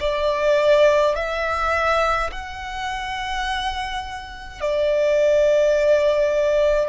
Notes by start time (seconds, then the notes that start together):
0.00 D5
1.15 E5
2.32 F#5
4.61 D5